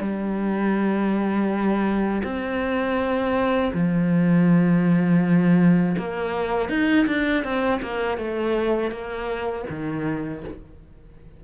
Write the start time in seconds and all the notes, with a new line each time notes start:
0.00 G3
2.24 C4
3.74 F3
5.98 A#3
6.69 D#4
7.07 D4
7.44 C4
7.82 A#3
8.18 A3
8.91 A#3
9.69 D#3